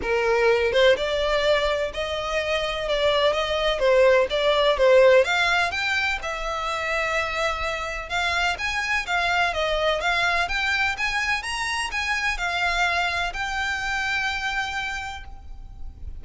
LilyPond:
\new Staff \with { instrumentName = "violin" } { \time 4/4 \tempo 4 = 126 ais'4. c''8 d''2 | dis''2 d''4 dis''4 | c''4 d''4 c''4 f''4 | g''4 e''2.~ |
e''4 f''4 gis''4 f''4 | dis''4 f''4 g''4 gis''4 | ais''4 gis''4 f''2 | g''1 | }